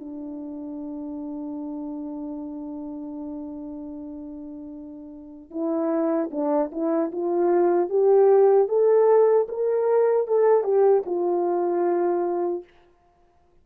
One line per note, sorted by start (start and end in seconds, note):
0.00 5.51 D4
5.51 6.30 E4
6.31 6.71 D4
6.72 7.12 E4
7.12 7.89 F4
7.89 8.68 G4
8.68 9.47 A4
9.49 10.28 A#4
10.28 10.64 A4
10.64 11.03 G4
11.06 12.64 F4